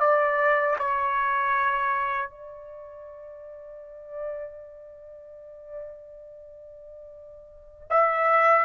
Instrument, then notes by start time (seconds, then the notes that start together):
trumpet
0.00 D5
0.79 C#5
2.30 D5
7.90 E5